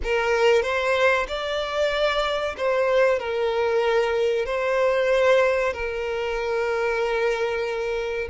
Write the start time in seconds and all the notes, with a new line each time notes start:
0.03 A#4
0.62 C5
1.28 D5
2.57 C5
3.19 A#4
4.45 C5
5.73 A#4